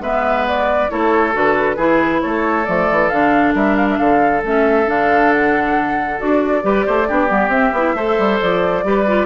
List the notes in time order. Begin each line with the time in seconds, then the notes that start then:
0.00 G#3 B3 B4 E5
0.48 D5
0.90 A3 E4 A4 C#5
1.33 D3 F#4 B4
1.77 E3 E4 G#4
2.22 A3 A4 C#5
2.65 F3 A3 D5
2.91 E3
3.09 D3 D4 F5
3.54 G3 A#4 E5
3.77 F5
3.90 E5
3.98 D3 A4 F5
4.44 A3 C#4 E5
4.86 D3 D4 F5
5.33 F#5
6.19 D4 F#4 D5
6.62 G3 G4 B4
6.86 A3 C5
7.08 B3 D4 G4
7.28 G3 B3
7.49 C4 E5
7.73 B3 E4
7.95 A3 A4 C5
8.19 G3
8.41 F3 D5
8.84 G3 G4 B4
9.07 F4